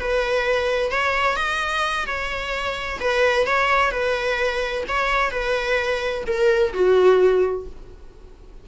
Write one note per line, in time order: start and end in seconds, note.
0.00 0.92 B4
0.92 1.36 C#5
1.36 2.06 D#5
2.07 3.00 C#5
3.01 3.47 B4
3.47 3.91 C#5
3.91 4.84 B4
4.89 5.31 C#5
5.31 6.25 B4
6.27 6.73 A#4
6.73 7.66 F#4